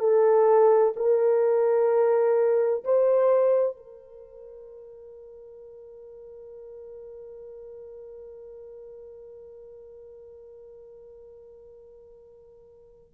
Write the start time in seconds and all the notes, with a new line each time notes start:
0.00 A4
0.97 A#4
2.85 C5
3.77 A#4